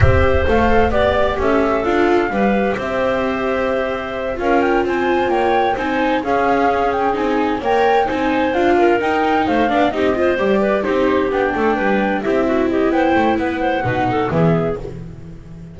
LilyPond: <<
  \new Staff \with { instrumentName = "flute" } { \time 4/4 \tempo 4 = 130 e''4 f''4 d''4 e''4 | f''2 e''2~ | e''4. f''8 g''8 gis''4 g''8~ | g''8 gis''4 f''4. g''8 gis''8~ |
gis''8 g''4 gis''4 f''4 g''8~ | g''8 f''4 dis''4 d''4 c''8~ | c''8 g''2 e''4 dis''8 | g''4 fis''2 e''4 | }
  \new Staff \with { instrumentName = "clarinet" } { \time 4/4 c''2 d''4 a'4~ | a'4 b'4 c''2~ | c''4. ais'4 c''4 cis''8~ | cis''8 c''4 gis'2~ gis'8~ |
gis'8 cis''4 c''4. ais'4~ | ais'8 c''8 d''8 g'8 c''4 b'8 g'8~ | g'4 a'8 b'4 g'8 fis'8 g'8 | c''4 b'8 c''8 b'8 a'8 gis'4 | }
  \new Staff \with { instrumentName = "viola" } { \time 4/4 g'4 a'4 g'2 | f'4 g'2.~ | g'4. f'2~ f'8~ | f'8 dis'4 cis'2 dis'8~ |
dis'8 ais'4 dis'4 f'4 dis'8~ | dis'4 d'8 dis'8 f'8 g'4 dis'8~ | dis'8 d'2 e'4.~ | e'2 dis'4 b4 | }
  \new Staff \with { instrumentName = "double bass" } { \time 4/4 c'4 a4 b4 cis'4 | d'4 g4 c'2~ | c'4. cis'4 c'4 ais8~ | ais8 c'4 cis'2 c'8~ |
c'8 ais4 c'4 d'4 dis'8~ | dis'8 a8 b8 c'4 g4 c'8~ | c'8 b8 a8 g4 c'4. | b8 a8 b4 b,4 e4 | }
>>